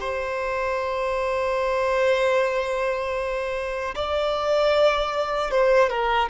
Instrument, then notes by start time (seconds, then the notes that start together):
violin
0.00 C5
3.95 D5
5.51 C5
5.90 A#4